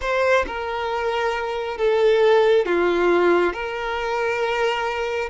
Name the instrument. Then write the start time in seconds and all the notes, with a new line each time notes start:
violin
0.01 C5
0.47 A#4
1.77 A4
2.65 F4
3.53 A#4